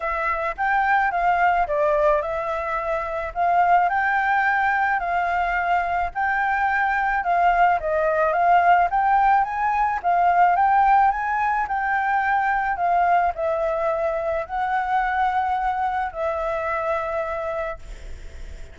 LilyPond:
\new Staff \with { instrumentName = "flute" } { \time 4/4 \tempo 4 = 108 e''4 g''4 f''4 d''4 | e''2 f''4 g''4~ | g''4 f''2 g''4~ | g''4 f''4 dis''4 f''4 |
g''4 gis''4 f''4 g''4 | gis''4 g''2 f''4 | e''2 fis''2~ | fis''4 e''2. | }